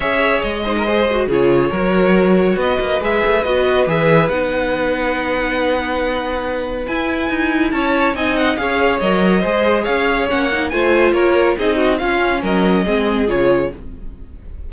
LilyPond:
<<
  \new Staff \with { instrumentName = "violin" } { \time 4/4 \tempo 4 = 140 e''4 dis''2 cis''4~ | cis''2 dis''4 e''4 | dis''4 e''4 fis''2~ | fis''1 |
gis''2 a''4 gis''8 fis''8 | f''4 dis''2 f''4 | fis''4 gis''4 cis''4 dis''4 | f''4 dis''2 cis''4 | }
  \new Staff \with { instrumentName = "violin" } { \time 4/4 cis''4. c''16 ais'16 c''4 gis'4 | ais'2 b'2~ | b'1~ | b'1~ |
b'2 cis''4 dis''4 | cis''2 c''4 cis''4~ | cis''4 c''4 ais'4 gis'8 fis'8 | f'4 ais'4 gis'2 | }
  \new Staff \with { instrumentName = "viola" } { \time 4/4 gis'4. dis'8 gis'8 fis'8 f'4 | fis'2. gis'4 | fis'4 gis'4 dis'2~ | dis'1 |
e'2. dis'4 | gis'4 ais'4 gis'2 | cis'8 dis'8 f'2 dis'4 | cis'2 c'4 f'4 | }
  \new Staff \with { instrumentName = "cello" } { \time 4/4 cis'4 gis2 cis4 | fis2 b8 ais8 gis8 a8 | b4 e4 b2~ | b1 |
e'4 dis'4 cis'4 c'4 | cis'4 fis4 gis4 cis'4 | ais4 a4 ais4 c'4 | cis'4 fis4 gis4 cis4 | }
>>